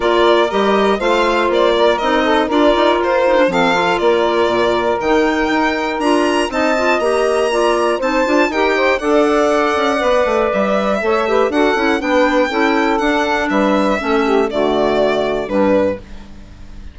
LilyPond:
<<
  \new Staff \with { instrumentName = "violin" } { \time 4/4 \tempo 4 = 120 d''4 dis''4 f''4 d''4 | dis''4 d''4 c''4 f''4 | d''2 g''2 | ais''4 a''4 ais''2 |
a''4 g''4 fis''2~ | fis''4 e''2 fis''4 | g''2 fis''4 e''4~ | e''4 d''2 b'4 | }
  \new Staff \with { instrumentName = "saxophone" } { \time 4/4 ais'2 c''4. ais'8~ | ais'8 a'8 ais'2 a'4 | ais'1~ | ais'4 dis''2 d''4 |
c''4 ais'8 c''8 d''2~ | d''2 cis''8 b'8 a'4 | b'4 a'2 b'4 | a'8 g'8 fis'2 d'4 | }
  \new Staff \with { instrumentName = "clarinet" } { \time 4/4 f'4 g'4 f'2 | dis'4 f'4. dis'16 d'16 c'8 f'8~ | f'2 dis'2 | f'4 dis'8 f'8 g'4 f'4 |
dis'8 f'8 g'4 a'2 | b'2 a'8 g'8 fis'8 e'8 | d'4 e'4 d'2 | cis'4 a2 g4 | }
  \new Staff \with { instrumentName = "bassoon" } { \time 4/4 ais4 g4 a4 ais4 | c'4 d'8 dis'8 f'4 f4 | ais4 ais,4 dis4 dis'4 | d'4 c'4 ais2 |
c'8 d'8 dis'4 d'4. cis'8 | b8 a8 g4 a4 d'8 cis'8 | b4 cis'4 d'4 g4 | a4 d2 g,4 | }
>>